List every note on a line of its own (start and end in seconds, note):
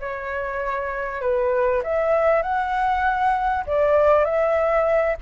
0.00 1.21 C#5
1.21 1.83 B4
1.83 2.43 E5
2.43 3.65 F#5
3.67 4.25 D5
4.25 5.17 E5